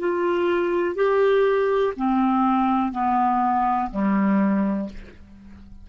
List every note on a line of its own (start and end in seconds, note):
0.00 0.96 F4
0.96 1.94 G4
1.97 2.93 C4
2.93 3.91 B3
3.92 4.90 G3